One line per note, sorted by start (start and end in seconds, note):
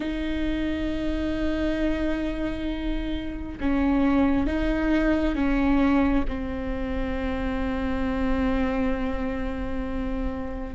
0.00 3.58 D#4
3.60 4.46 C#4
4.46 5.35 D#4
5.35 6.24 C#4
6.27 10.75 C4